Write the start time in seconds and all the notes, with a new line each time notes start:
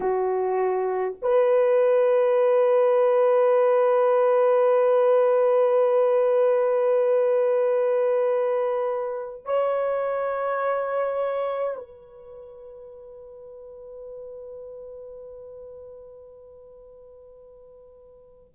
0.00 F#4
1.21 B4
9.45 C#5
11.76 B4